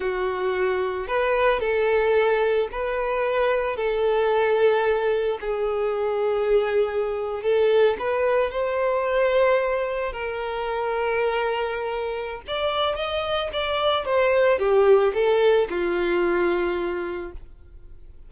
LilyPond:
\new Staff \with { instrumentName = "violin" } { \time 4/4 \tempo 4 = 111 fis'2 b'4 a'4~ | a'4 b'2 a'4~ | a'2 gis'2~ | gis'4.~ gis'16 a'4 b'4 c''16~ |
c''2~ c''8. ais'4~ ais'16~ | ais'2. d''4 | dis''4 d''4 c''4 g'4 | a'4 f'2. | }